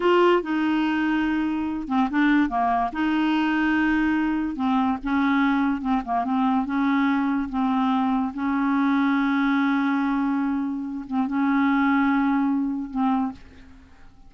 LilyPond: \new Staff \with { instrumentName = "clarinet" } { \time 4/4 \tempo 4 = 144 f'4 dis'2.~ | dis'8 c'8 d'4 ais4 dis'4~ | dis'2. c'4 | cis'2 c'8 ais8 c'4 |
cis'2 c'2 | cis'1~ | cis'2~ cis'8 c'8 cis'4~ | cis'2. c'4 | }